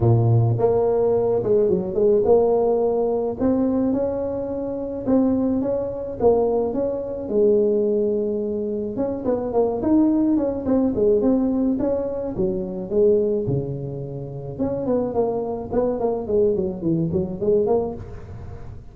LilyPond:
\new Staff \with { instrumentName = "tuba" } { \time 4/4 \tempo 4 = 107 ais,4 ais4. gis8 fis8 gis8 | ais2 c'4 cis'4~ | cis'4 c'4 cis'4 ais4 | cis'4 gis2. |
cis'8 b8 ais8 dis'4 cis'8 c'8 gis8 | c'4 cis'4 fis4 gis4 | cis2 cis'8 b8 ais4 | b8 ais8 gis8 fis8 e8 fis8 gis8 ais8 | }